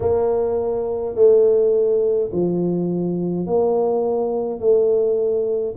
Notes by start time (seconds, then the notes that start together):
0.00 A#3
1.15 A3
2.32 F3
3.46 A#3
4.59 A3